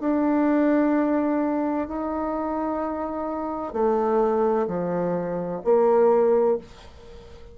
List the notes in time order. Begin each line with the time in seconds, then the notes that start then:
0.00 D4
1.87 D#4
3.73 A3
4.67 F3
5.64 A#3